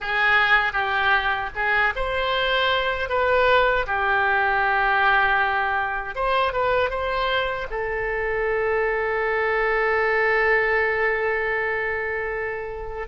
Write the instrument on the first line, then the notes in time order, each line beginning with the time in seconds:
oboe
0.00 G#4
0.73 G4
1.55 G#4
1.95 C5
3.09 B4
3.86 G4
6.15 C5
6.52 B4
6.90 C5
7.70 A4